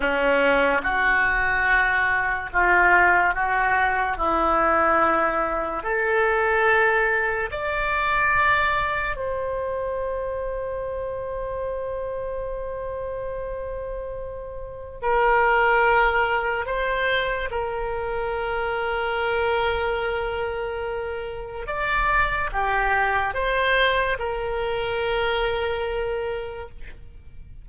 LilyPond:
\new Staff \with { instrumentName = "oboe" } { \time 4/4 \tempo 4 = 72 cis'4 fis'2 f'4 | fis'4 e'2 a'4~ | a'4 d''2 c''4~ | c''1~ |
c''2 ais'2 | c''4 ais'2.~ | ais'2 d''4 g'4 | c''4 ais'2. | }